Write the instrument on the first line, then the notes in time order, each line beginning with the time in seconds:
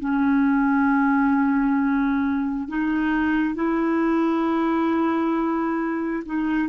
clarinet
0.00 C#4
2.69 D#4
3.55 E4
6.26 D#4